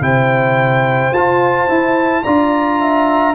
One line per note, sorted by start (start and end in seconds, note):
0.00 1.11 C3
0.00 1.12 E4
0.00 2.24 C5
0.00 1.13 G5
1.12 1.68 F4
1.12 2.23 A5
1.68 2.24 E4
2.23 3.34 D4
2.23 3.34 F4
2.23 2.79 D5
2.23 3.34 A#5
2.81 3.34 E5